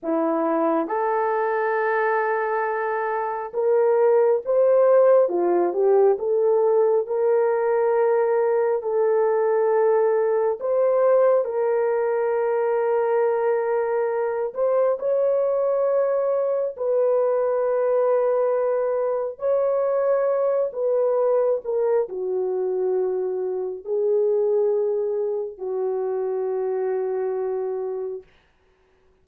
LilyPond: \new Staff \with { instrumentName = "horn" } { \time 4/4 \tempo 4 = 68 e'4 a'2. | ais'4 c''4 f'8 g'8 a'4 | ais'2 a'2 | c''4 ais'2.~ |
ais'8 c''8 cis''2 b'4~ | b'2 cis''4. b'8~ | b'8 ais'8 fis'2 gis'4~ | gis'4 fis'2. | }